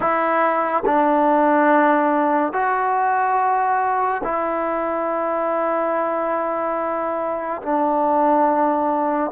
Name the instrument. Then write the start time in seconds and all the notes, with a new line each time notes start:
trombone
0.00 E4
0.85 D4
2.52 F#4
4.23 E4
7.62 D4